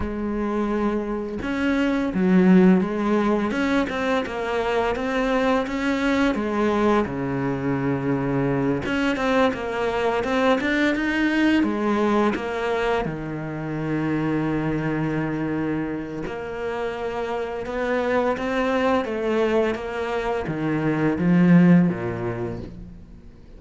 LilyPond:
\new Staff \with { instrumentName = "cello" } { \time 4/4 \tempo 4 = 85 gis2 cis'4 fis4 | gis4 cis'8 c'8 ais4 c'4 | cis'4 gis4 cis2~ | cis8 cis'8 c'8 ais4 c'8 d'8 dis'8~ |
dis'8 gis4 ais4 dis4.~ | dis2. ais4~ | ais4 b4 c'4 a4 | ais4 dis4 f4 ais,4 | }